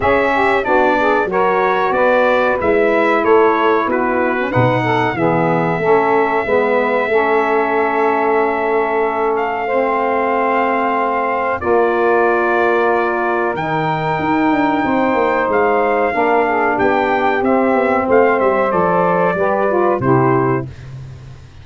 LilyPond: <<
  \new Staff \with { instrumentName = "trumpet" } { \time 4/4 \tempo 4 = 93 e''4 d''4 cis''4 d''4 | e''4 cis''4 b'4 fis''4 | e''1~ | e''2~ e''8 f''4.~ |
f''2 d''2~ | d''4 g''2. | f''2 g''4 e''4 | f''8 e''8 d''2 c''4 | }
  \new Staff \with { instrumentName = "saxophone" } { \time 4/4 gis'8 g'8 fis'8 gis'8 ais'4 b'4~ | b'4 a'4 fis'4 b'8 a'8 | gis'4 a'4 b'4 a'4~ | a'2. c''4~ |
c''2 ais'2~ | ais'2. c''4~ | c''4 ais'8 gis'8 g'2 | c''2 b'4 g'4 | }
  \new Staff \with { instrumentName = "saxophone" } { \time 4/4 cis'4 d'4 fis'2 | e'2~ e'8. cis'16 dis'4 | b4 cis'4 b4 cis'4~ | cis'2. c'4~ |
c'2 f'2~ | f'4 dis'2.~ | dis'4 d'2 c'4~ | c'4 a'4 g'8 f'8 e'4 | }
  \new Staff \with { instrumentName = "tuba" } { \time 4/4 cis'4 b4 fis4 b4 | gis4 a4 b4 b,4 | e4 a4 gis4 a4~ | a1~ |
a2 ais2~ | ais4 dis4 dis'8 d'8 c'8 ais8 | gis4 ais4 b4 c'8 b8 | a8 g8 f4 g4 c4 | }
>>